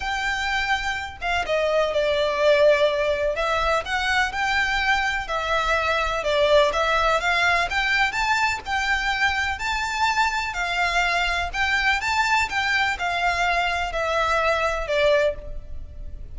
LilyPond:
\new Staff \with { instrumentName = "violin" } { \time 4/4 \tempo 4 = 125 g''2~ g''8 f''8 dis''4 | d''2. e''4 | fis''4 g''2 e''4~ | e''4 d''4 e''4 f''4 |
g''4 a''4 g''2 | a''2 f''2 | g''4 a''4 g''4 f''4~ | f''4 e''2 d''4 | }